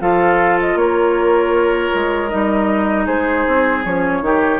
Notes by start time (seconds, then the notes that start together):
0.00 F3 F4 A4 F5
0.60 D#5
0.75 A#3 A#4 C#5
1.94 G#3
2.29 G3 D#4 D#5
3.06 G#3 G#4 C5
3.47 C4
3.84 F3 C#4 C#5
4.21 D#3 D#4 G4